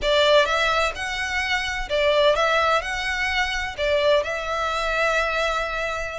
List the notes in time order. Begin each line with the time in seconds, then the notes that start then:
0.01 D5
0.45 E5
0.95 F#5
1.89 D5
2.35 E5
2.81 F#5
3.77 D5
4.23 E5